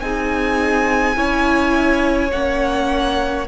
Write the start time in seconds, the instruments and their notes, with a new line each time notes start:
0.00 cello C4, viola D#4, violin G#4 G#5
1.15 cello C#4, viola E4, violin C#5
2.32 cello A#3, viola C#4, violin F#5